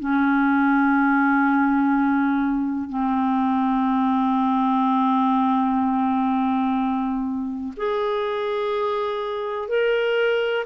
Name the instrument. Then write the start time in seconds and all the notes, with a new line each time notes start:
clarinet
0.00 C#4
2.89 C4
7.77 G#4
9.69 A#4